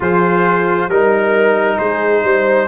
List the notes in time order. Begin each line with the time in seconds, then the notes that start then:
0.00 F3 F4 G#4 C5
0.88 G3 D#4 A#4
1.78 G#3 G#4 C5
2.23 G3 C5